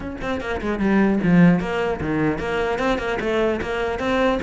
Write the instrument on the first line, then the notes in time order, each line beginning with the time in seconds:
cello
0.00 C#4
0.21 C4
0.40 A#3
0.61 G#3
0.79 G3
1.23 F3
1.59 A#3
2.00 D#3
2.38 A#3
2.79 C4
2.98 A#3
3.20 A3
3.61 A#3
3.99 C4